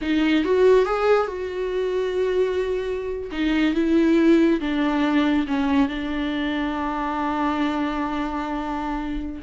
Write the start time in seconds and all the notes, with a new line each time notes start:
0.01 D#4
0.44 F#4
0.85 G#4
1.27 F#4
3.31 D#4
3.74 E4
4.60 D4
5.47 C#4
5.88 D4